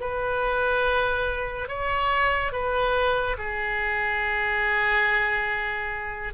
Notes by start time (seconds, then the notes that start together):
0.00 B4
1.68 C#5
2.52 B4
3.37 G#4